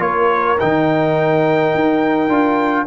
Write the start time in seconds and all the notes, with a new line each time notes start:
0.00 A#3 F4 A#4 C#5
0.60 D#3 D#4 G5
1.75 D#4
2.29 D4 F4